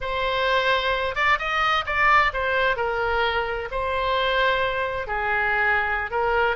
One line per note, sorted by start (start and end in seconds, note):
0.00 1.15 C5
1.15 1.38 D5
1.38 1.85 D#5
1.85 2.32 D5
2.33 2.76 C5
2.76 3.68 A#4
3.71 5.07 C5
5.07 6.10 G#4
6.10 6.56 A#4